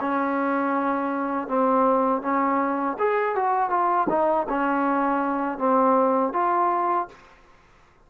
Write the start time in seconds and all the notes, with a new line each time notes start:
0.00 C#4
1.48 C4
2.22 C#4
2.99 G#4
3.35 F#4
3.70 F4
4.09 D#4
4.49 C#4
5.58 C4
6.33 F4